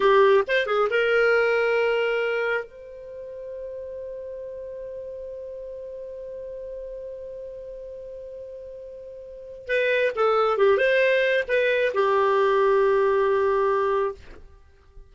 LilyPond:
\new Staff \with { instrumentName = "clarinet" } { \time 4/4 \tempo 4 = 136 g'4 c''8 gis'8 ais'2~ | ais'2 c''2~ | c''1~ | c''1~ |
c''1~ | c''2 b'4 a'4 | g'8 c''4. b'4 g'4~ | g'1 | }